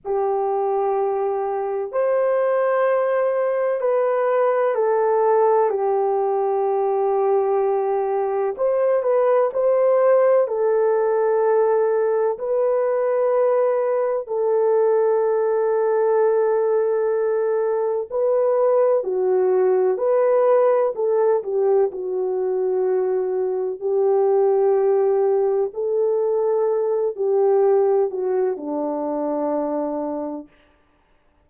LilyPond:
\new Staff \with { instrumentName = "horn" } { \time 4/4 \tempo 4 = 63 g'2 c''2 | b'4 a'4 g'2~ | g'4 c''8 b'8 c''4 a'4~ | a'4 b'2 a'4~ |
a'2. b'4 | fis'4 b'4 a'8 g'8 fis'4~ | fis'4 g'2 a'4~ | a'8 g'4 fis'8 d'2 | }